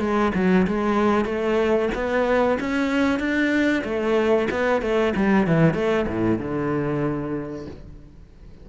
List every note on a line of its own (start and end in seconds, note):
0.00 0.32 G#3
0.35 0.67 F#3
0.67 1.25 G#3
1.25 1.89 A3
1.95 2.59 B3
2.60 3.19 C#4
3.19 3.83 D4
3.84 4.48 A3
4.51 4.82 B3
4.82 5.14 A3
5.16 5.47 G3
5.47 5.74 E3
5.74 6.06 A3
6.08 6.39 A2
6.39 7.67 D3